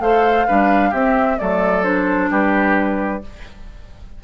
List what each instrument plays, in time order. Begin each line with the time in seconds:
0.00 bassoon A3, clarinet A4, oboe C5, flute F5
0.47 bassoon G3, clarinet D4, oboe B4
0.90 bassoon C4, clarinet C4, oboe G4, flute E5
1.39 bassoon F#3, clarinet A3, oboe A4, flute D5
1.83 clarinet D4, flute C5
2.30 bassoon G3, oboe G4, flute B4